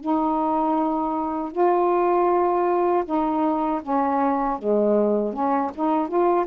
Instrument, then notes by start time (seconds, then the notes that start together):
saxophone
0.00 D#4
1.52 F4
3.05 D#4
3.83 C#4
4.58 G#3
5.33 C#4
5.75 D#4
6.08 F4